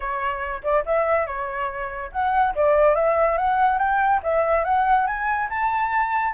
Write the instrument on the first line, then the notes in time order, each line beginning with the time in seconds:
flute
0.00 C#5
0.63 D5
0.85 E5
1.26 C#5
2.12 F#5
2.55 D5
2.95 E5
3.37 F#5
3.78 G5
4.23 E5
4.64 F#5
5.06 G#5
5.49 A5